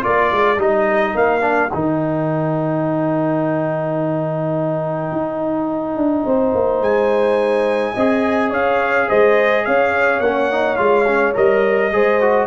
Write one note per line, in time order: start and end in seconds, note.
0.00 0.32 A#3
0.00 0.57 F4
0.00 6.26 A#4
0.00 0.61 D5
0.32 0.58 G#3
0.58 1.15 G3
0.58 1.41 D#4
0.58 1.17 D#5
1.15 1.71 A#3
1.15 1.73 F5
1.41 1.70 D4
1.73 5.12 D#3
1.73 7.97 D#4
1.73 6.82 G5
5.12 5.97 D#4
5.97 6.25 D4
6.26 6.54 C4
6.26 7.94 C5
6.55 6.81 A#3
6.81 7.94 G#3
6.81 8.52 G#5
7.94 8.52 C4
7.94 10.24 G#4
7.94 8.50 D#5
8.50 9.08 C#4
8.50 9.07 C#5
8.50 9.10 F5
9.09 9.67 G#3
9.09 9.65 C5
9.09 9.65 D#5
9.65 10.20 C#4
9.65 11.93 C#5
9.65 10.21 F5
10.20 10.77 A#3
10.20 10.52 C#4
10.20 10.76 F#5
10.52 10.77 D#4
10.76 11.35 G#3
10.76 11.06 F4
10.76 11.33 F5
11.07 11.34 C#4
11.34 11.92 G3
11.34 11.91 A#4
11.34 12.47 D#5
11.92 12.47 G#3
11.92 12.21 G#4
11.92 12.47 C5
12.21 12.47 F#4